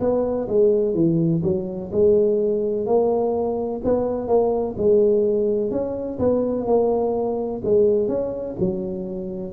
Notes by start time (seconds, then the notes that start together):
0.00 B3
0.48 G#3
0.94 E3
1.43 F#3
1.92 G#3
2.86 A#3
3.84 B3
4.28 A#3
4.77 G#3
5.71 C#4
6.19 B3
6.66 A#3
7.64 G#3
8.08 C#4
8.59 F#3